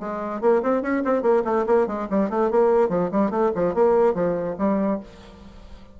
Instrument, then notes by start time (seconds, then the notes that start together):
bassoon
0.00 G#3
0.41 A#3
0.63 C4
0.82 C#4
1.05 C4
1.22 A#3
1.45 A3
1.67 A#3
1.87 G#3
2.10 G3
2.30 A3
2.51 A#3
2.89 F3
3.12 G3
3.31 A3
3.55 F3
3.74 A#3
4.14 F3
4.58 G3